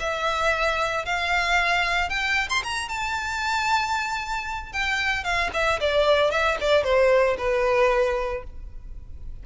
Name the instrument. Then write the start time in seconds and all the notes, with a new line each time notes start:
violin
0.00 E5
1.06 F5
2.09 G5
2.50 C6
2.63 A#5
2.89 A5
4.73 G5
5.24 F5
5.54 E5
5.80 D5
6.31 E5
6.61 D5
6.84 C5
7.38 B4